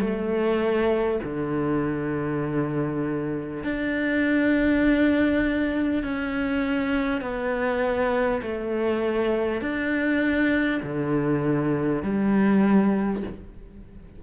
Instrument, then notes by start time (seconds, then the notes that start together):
cello
0.00 A3
1.24 D3
3.64 D4
6.03 C#4
7.22 B3
8.42 A3
9.62 D4
10.83 D3
12.03 G3